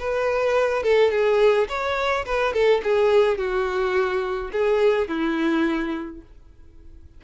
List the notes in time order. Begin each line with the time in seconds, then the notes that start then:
0.00 B4
0.83 A4
1.11 G#4
1.69 C#5
2.26 B4
2.54 A4
2.84 G#4
3.38 F#4
4.53 G#4
5.09 E4